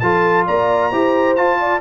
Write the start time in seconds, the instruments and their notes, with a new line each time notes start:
0.00 tuba F3, trombone F4, horn A4, trumpet A5
0.47 tuba A#3, horn D5, trumpet A#5
0.91 tuba E4, trombone G4, horn C5
1.36 tuba F4, trombone F4, trumpet A5
1.60 horn D5